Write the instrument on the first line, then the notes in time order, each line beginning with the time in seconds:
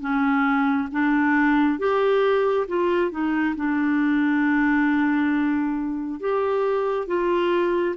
clarinet
0.00 C#4
0.91 D4
1.78 G4
2.67 F4
3.11 D#4
3.55 D4
6.19 G4
7.07 F4